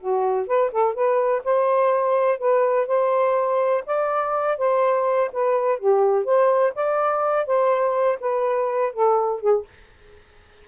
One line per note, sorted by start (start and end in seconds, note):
0.00 0.47 F#4
0.47 0.71 B4
0.72 0.94 A4
0.94 1.42 B4
1.44 2.39 C5
2.39 2.87 B4
2.87 3.84 C5
3.86 4.58 D5
4.58 5.30 C5
5.32 5.79 B4
5.79 6.25 G4
6.25 6.73 C5
6.75 7.46 D5
7.46 8.19 C5
8.20 8.93 B4
8.93 9.41 A4
9.41 9.65 G#4